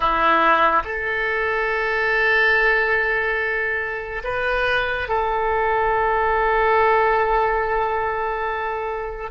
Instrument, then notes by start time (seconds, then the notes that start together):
oboe
0.00 E4
0.84 A4
4.24 B4
5.08 A4